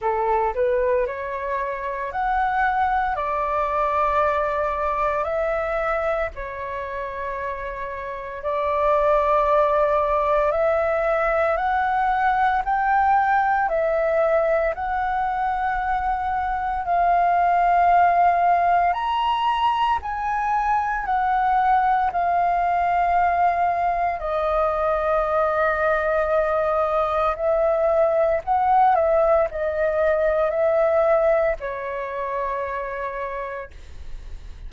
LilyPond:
\new Staff \with { instrumentName = "flute" } { \time 4/4 \tempo 4 = 57 a'8 b'8 cis''4 fis''4 d''4~ | d''4 e''4 cis''2 | d''2 e''4 fis''4 | g''4 e''4 fis''2 |
f''2 ais''4 gis''4 | fis''4 f''2 dis''4~ | dis''2 e''4 fis''8 e''8 | dis''4 e''4 cis''2 | }